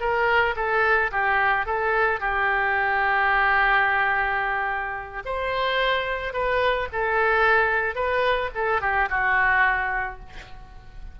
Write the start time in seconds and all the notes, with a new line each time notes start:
0.00 A#4
0.56 A4
1.12 G4
1.66 A4
2.20 G4
5.25 C5
6.33 B4
6.92 A4
7.95 B4
8.55 A4
8.81 G4
9.10 F#4